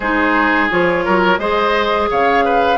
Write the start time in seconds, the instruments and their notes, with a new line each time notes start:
0.00 bassoon G#3, clarinet D#4, oboe G#4, flute C5
0.70 bassoon F3, clarinet F4, flute C#5
1.05 bassoon F#3, oboe A#4
1.38 bassoon G#3, clarinet G#4, oboe C5, flute D#5
2.10 bassoon C#3, oboe C#5, flute F5
2.44 oboe B4